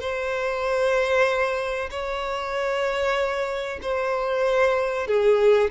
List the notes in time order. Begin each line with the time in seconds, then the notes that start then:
0.00 C5
1.90 C#5
3.82 C5
5.07 G#4